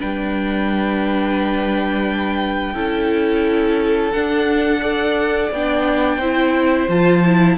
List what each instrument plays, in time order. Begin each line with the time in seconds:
0.00 cello G3, viola D4, violin B4 G5
2.75 cello C#4, viola E4, violin A4
4.12 viola D4, cello D4, violin F#5
4.81 viola A4, violin D5
5.52 cello B3, viola D4, violin G5
6.19 cello C4, viola E4, violin C5
6.89 cello F3, viola F4, violin A5
7.25 viola E4